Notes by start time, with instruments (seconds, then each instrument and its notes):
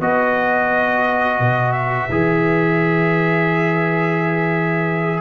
0.00 tuba B3, trombone F#4, horn B4, trumpet D#5
1.39 tuba B2
1.72 trumpet E5
2.09 tuba E3, trombone G#4